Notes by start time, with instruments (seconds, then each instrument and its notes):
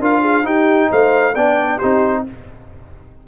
0.00 tuba D4, trombone F4, horn A#4, trumpet F5
0.21 horn G#4
0.44 trombone D#4, tuba D#4, horn G4, trumpet G5
0.90 tuba A3, horn C5, trumpet F5
1.34 tuba B3, trombone D4, horn D5, trumpet G5
1.77 tuba C4, trombone D#4, horn G4, trumpet C5